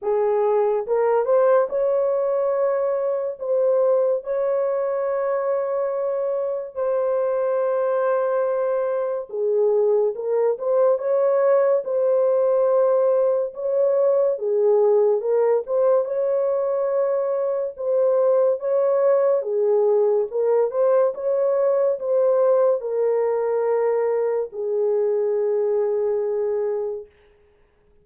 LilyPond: \new Staff \with { instrumentName = "horn" } { \time 4/4 \tempo 4 = 71 gis'4 ais'8 c''8 cis''2 | c''4 cis''2. | c''2. gis'4 | ais'8 c''8 cis''4 c''2 |
cis''4 gis'4 ais'8 c''8 cis''4~ | cis''4 c''4 cis''4 gis'4 | ais'8 c''8 cis''4 c''4 ais'4~ | ais'4 gis'2. | }